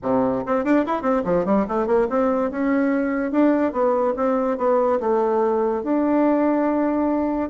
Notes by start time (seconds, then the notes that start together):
0.02 C3
0.46 C4
0.64 D4
0.85 E4
1.02 C4
1.24 F3
1.45 G3
1.68 A3
1.87 A#3
2.09 C4
2.51 C#4
3.31 D4
3.72 B3
4.16 C4
4.57 B3
5.00 A3
5.83 D4